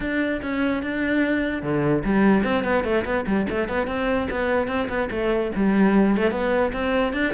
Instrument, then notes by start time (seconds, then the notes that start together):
cello
0.00 D4
0.41 C#4
0.82 D4
1.62 D3
2.04 G3
2.43 C4
2.63 B3
2.84 A3
3.04 B3
3.26 G3
3.49 A3
3.68 B3
3.87 C4
4.30 B3
4.67 C4
4.88 B3
5.11 A3
5.55 G3
6.17 A3
6.31 B3
6.73 C4
7.13 D4